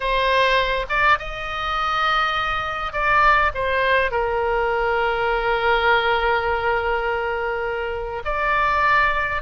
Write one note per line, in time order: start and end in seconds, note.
0.00 0.86 C5
0.89 1.18 D5
1.18 2.93 D#5
2.93 3.51 D5
3.54 4.11 C5
4.11 8.22 A#4
8.24 9.42 D5